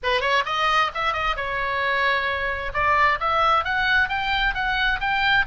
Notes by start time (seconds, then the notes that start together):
0.03 B4
0.20 C#5
0.45 D#5
0.94 E5
1.13 D#5
1.36 C#5
2.73 D5
3.19 E5
3.64 F#5
4.08 G5
4.54 F#5
5.00 G5